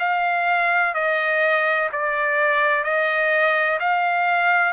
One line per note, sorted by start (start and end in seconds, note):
0.00 0.95 F5
0.95 1.90 D#5
1.93 2.84 D5
2.84 3.80 D#5
3.80 4.73 F5